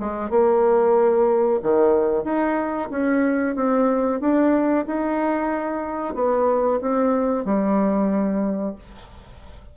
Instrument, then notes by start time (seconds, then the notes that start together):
bassoon
0.00 G#3
0.30 A#3
1.62 D#3
2.24 D#4
2.90 C#4
3.55 C4
4.20 D4
4.86 D#4
6.15 B3
6.81 C4
7.45 G3